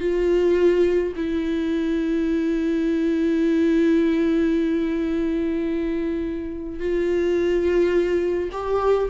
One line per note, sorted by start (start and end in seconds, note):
0.00 1.13 F4
1.16 6.80 E4
6.80 8.49 F4
8.52 9.09 G4